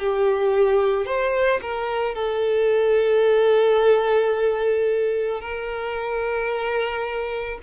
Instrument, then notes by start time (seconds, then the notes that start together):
violin
0.00 G4
1.06 C5
1.62 A#4
2.15 A4
5.41 A#4